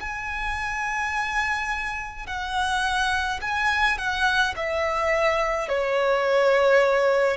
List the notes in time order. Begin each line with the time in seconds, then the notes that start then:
0.00 G#5
2.26 F#5
3.41 G#5
3.97 F#5
4.56 E5
5.68 C#5